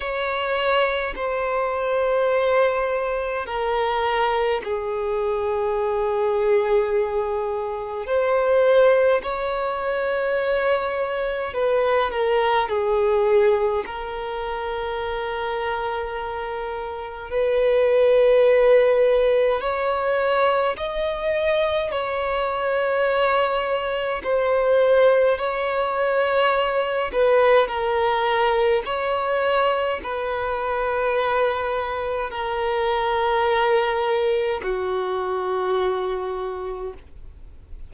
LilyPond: \new Staff \with { instrumentName = "violin" } { \time 4/4 \tempo 4 = 52 cis''4 c''2 ais'4 | gis'2. c''4 | cis''2 b'8 ais'8 gis'4 | ais'2. b'4~ |
b'4 cis''4 dis''4 cis''4~ | cis''4 c''4 cis''4. b'8 | ais'4 cis''4 b'2 | ais'2 fis'2 | }